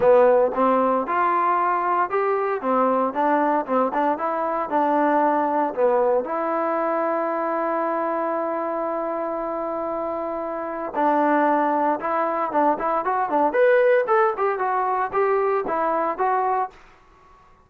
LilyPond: \new Staff \with { instrumentName = "trombone" } { \time 4/4 \tempo 4 = 115 b4 c'4 f'2 | g'4 c'4 d'4 c'8 d'8 | e'4 d'2 b4 | e'1~ |
e'1~ | e'4 d'2 e'4 | d'8 e'8 fis'8 d'8 b'4 a'8 g'8 | fis'4 g'4 e'4 fis'4 | }